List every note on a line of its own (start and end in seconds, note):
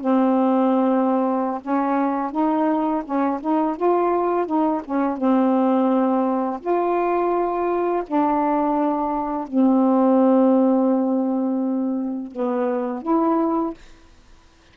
0.00 1.61 C4
1.61 2.31 C#4
2.31 3.03 D#4
3.04 3.40 C#4
3.40 3.76 D#4
3.76 4.46 F4
4.46 4.81 D#4
4.84 5.17 C#4
5.17 6.60 C4
6.60 8.03 F4
8.07 9.47 D4
9.47 12.31 C4
12.31 13.02 B3
13.02 13.73 E4